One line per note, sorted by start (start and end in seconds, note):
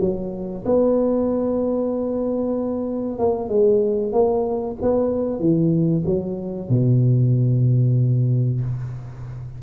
0.00 0.64 F#3
0.65 3.18 B3
3.18 3.48 A#3
3.48 4.12 G#3
4.12 4.76 A#3
4.81 5.39 B3
5.39 6.03 E3
6.05 6.69 F#3
6.69 8.61 B2